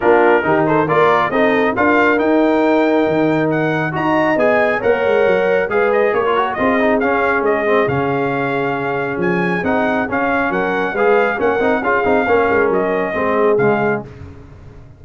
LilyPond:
<<
  \new Staff \with { instrumentName = "trumpet" } { \time 4/4 \tempo 4 = 137 ais'4. c''8 d''4 dis''4 | f''4 g''2. | fis''4 ais''4 gis''4 fis''4~ | fis''4 f''8 dis''8 cis''4 dis''4 |
f''4 dis''4 f''2~ | f''4 gis''4 fis''4 f''4 | fis''4 f''4 fis''4 f''4~ | f''4 dis''2 f''4 | }
  \new Staff \with { instrumentName = "horn" } { \time 4/4 f'4 g'8 a'8 ais'4 a'4 | ais'1~ | ais'4 dis''2 cis''4~ | cis''4 b'4 ais'4 gis'4~ |
gis'1~ | gis'1 | ais'4 b'4 ais'4 gis'4 | ais'2 gis'2 | }
  \new Staff \with { instrumentName = "trombone" } { \time 4/4 d'4 dis'4 f'4 dis'4 | f'4 dis'2.~ | dis'4 fis'4 gis'4 ais'4~ | ais'4 gis'4~ gis'16 f'16 fis'8 f'8 dis'8 |
cis'4. c'8 cis'2~ | cis'2 dis'4 cis'4~ | cis'4 gis'4 cis'8 dis'8 f'8 dis'8 | cis'2 c'4 gis4 | }
  \new Staff \with { instrumentName = "tuba" } { \time 4/4 ais4 dis4 ais4 c'4 | d'4 dis'2 dis4~ | dis4 dis'4 b4 ais8 gis8 | fis4 gis4 ais4 c'4 |
cis'4 gis4 cis2~ | cis4 f4 c'4 cis'4 | fis4 gis4 ais8 c'8 cis'8 c'8 | ais8 gis8 fis4 gis4 cis4 | }
>>